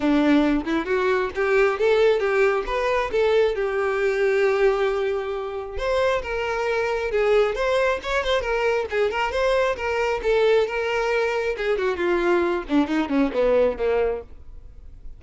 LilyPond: \new Staff \with { instrumentName = "violin" } { \time 4/4 \tempo 4 = 135 d'4. e'8 fis'4 g'4 | a'4 g'4 b'4 a'4 | g'1~ | g'4 c''4 ais'2 |
gis'4 c''4 cis''8 c''8 ais'4 | gis'8 ais'8 c''4 ais'4 a'4 | ais'2 gis'8 fis'8 f'4~ | f'8 d'8 dis'8 cis'8 b4 ais4 | }